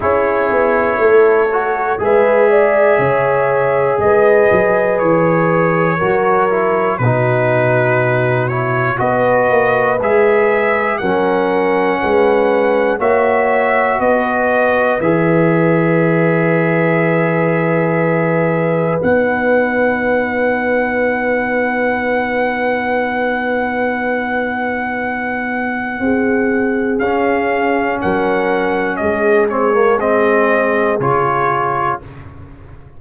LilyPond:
<<
  \new Staff \with { instrumentName = "trumpet" } { \time 4/4 \tempo 4 = 60 cis''2 e''2 | dis''4 cis''2 b'4~ | b'8 cis''8 dis''4 e''4 fis''4~ | fis''4 e''4 dis''4 e''4~ |
e''2. fis''4~ | fis''1~ | fis''2. f''4 | fis''4 dis''8 cis''8 dis''4 cis''4 | }
  \new Staff \with { instrumentName = "horn" } { \time 4/4 gis'4 a'4 b'8 d''8 cis''4 | b'2 ais'4 fis'4~ | fis'4 b'2 ais'4 | b'4 cis''4 b'2~ |
b'1~ | b'1~ | b'2 gis'2 | ais'4 gis'2. | }
  \new Staff \with { instrumentName = "trombone" } { \time 4/4 e'4. fis'8 gis'2~ | gis'2 fis'8 e'8 dis'4~ | dis'8 e'8 fis'4 gis'4 cis'4~ | cis'4 fis'2 gis'4~ |
gis'2. dis'4~ | dis'1~ | dis'2. cis'4~ | cis'4. c'16 ais16 c'4 f'4 | }
  \new Staff \with { instrumentName = "tuba" } { \time 4/4 cis'8 b8 a4 gis4 cis4 | gis8 fis8 e4 fis4 b,4~ | b,4 b8 ais8 gis4 fis4 | gis4 ais4 b4 e4~ |
e2. b4~ | b1~ | b2 c'4 cis'4 | fis4 gis2 cis4 | }
>>